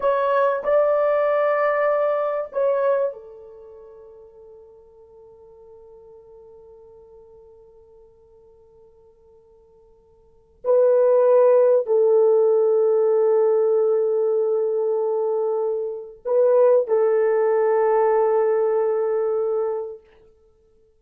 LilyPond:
\new Staff \with { instrumentName = "horn" } { \time 4/4 \tempo 4 = 96 cis''4 d''2. | cis''4 a'2.~ | a'1~ | a'1~ |
a'4 b'2 a'4~ | a'1~ | a'2 b'4 a'4~ | a'1 | }